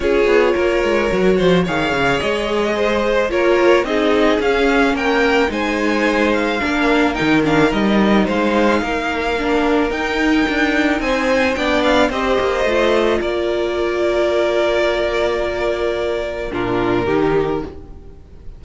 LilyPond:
<<
  \new Staff \with { instrumentName = "violin" } { \time 4/4 \tempo 4 = 109 cis''2. f''4 | dis''2 cis''4 dis''4 | f''4 g''4 gis''4. f''8~ | f''4 g''8 f''8 dis''4 f''4~ |
f''2 g''2 | gis''4 g''8 f''8 dis''2 | d''1~ | d''2 ais'2 | }
  \new Staff \with { instrumentName = "violin" } { \time 4/4 gis'4 ais'4. c''8 cis''4~ | cis''4 c''4 ais'4 gis'4~ | gis'4 ais'4 c''2 | ais'2. c''4 |
ais'1 | c''4 d''4 c''2 | ais'1~ | ais'2 f'4 g'4 | }
  \new Staff \with { instrumentName = "viola" } { \time 4/4 f'2 fis'4 gis'4~ | gis'2 f'4 dis'4 | cis'2 dis'2 | d'4 dis'8 d'8 dis'2~ |
dis'4 d'4 dis'2~ | dis'4 d'4 g'4 f'4~ | f'1~ | f'2 d'4 dis'4 | }
  \new Staff \with { instrumentName = "cello" } { \time 4/4 cis'8 b8 ais8 gis8 fis8 f8 dis8 cis8 | gis2 ais4 c'4 | cis'4 ais4 gis2 | ais4 dis4 g4 gis4 |
ais2 dis'4 d'4 | c'4 b4 c'8 ais8 a4 | ais1~ | ais2 ais,4 dis4 | }
>>